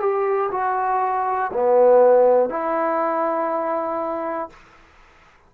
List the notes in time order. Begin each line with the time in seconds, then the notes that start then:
0.00 G4
0.52 F#4
1.54 B3
2.50 E4